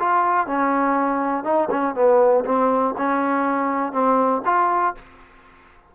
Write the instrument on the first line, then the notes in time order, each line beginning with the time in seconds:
trombone
0.00 F4
0.47 C#4
1.44 D#4
1.71 C#4
1.95 B3
2.46 C4
2.98 C#4
3.93 C4
4.45 F4